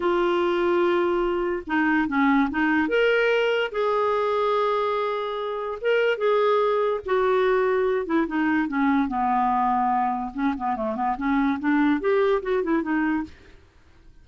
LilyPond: \new Staff \with { instrumentName = "clarinet" } { \time 4/4 \tempo 4 = 145 f'1 | dis'4 cis'4 dis'4 ais'4~ | ais'4 gis'2.~ | gis'2 ais'4 gis'4~ |
gis'4 fis'2~ fis'8 e'8 | dis'4 cis'4 b2~ | b4 cis'8 b8 a8 b8 cis'4 | d'4 g'4 fis'8 e'8 dis'4 | }